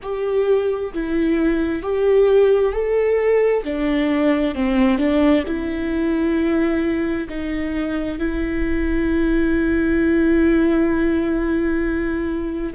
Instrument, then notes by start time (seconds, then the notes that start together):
viola
0.02 G4
0.93 E4
1.82 G4
2.72 A4
3.64 D4
4.55 C4
4.98 D4
5.46 E4
7.29 D#4
8.19 E4